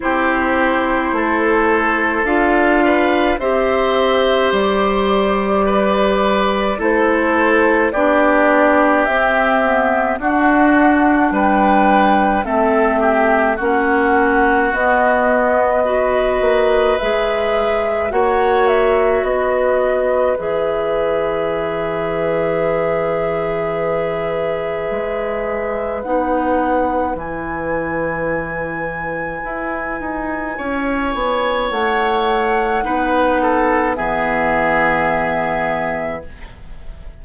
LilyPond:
<<
  \new Staff \with { instrumentName = "flute" } { \time 4/4 \tempo 4 = 53 c''2 f''4 e''4 | d''2 c''4 d''4 | e''4 fis''4 g''4 e''4 | fis''4 dis''2 e''4 |
fis''8 e''8 dis''4 e''2~ | e''2. fis''4 | gis''1 | fis''2 e''2 | }
  \new Staff \with { instrumentName = "oboe" } { \time 4/4 g'4 a'4. b'8 c''4~ | c''4 b'4 a'4 g'4~ | g'4 fis'4 b'4 a'8 g'8 | fis'2 b'2 |
cis''4 b'2.~ | b'1~ | b'2. cis''4~ | cis''4 b'8 a'8 gis'2 | }
  \new Staff \with { instrumentName = "clarinet" } { \time 4/4 e'2 f'4 g'4~ | g'2 e'4 d'4 | c'8 b8 d'2 c'4 | cis'4 b4 fis'4 gis'4 |
fis'2 gis'2~ | gis'2. dis'4 | e'1~ | e'4 dis'4 b2 | }
  \new Staff \with { instrumentName = "bassoon" } { \time 4/4 c'4 a4 d'4 c'4 | g2 a4 b4 | c'4 d'4 g4 a4 | ais4 b4. ais8 gis4 |
ais4 b4 e2~ | e2 gis4 b4 | e2 e'8 dis'8 cis'8 b8 | a4 b4 e2 | }
>>